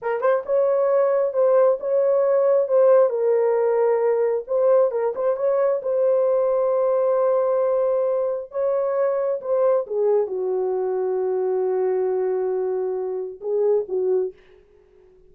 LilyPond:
\new Staff \with { instrumentName = "horn" } { \time 4/4 \tempo 4 = 134 ais'8 c''8 cis''2 c''4 | cis''2 c''4 ais'4~ | ais'2 c''4 ais'8 c''8 | cis''4 c''2.~ |
c''2. cis''4~ | cis''4 c''4 gis'4 fis'4~ | fis'1~ | fis'2 gis'4 fis'4 | }